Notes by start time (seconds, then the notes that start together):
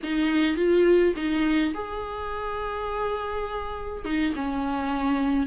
0.03 D#4
0.56 F4
1.15 D#4
1.73 G#4
4.04 D#4
4.35 C#4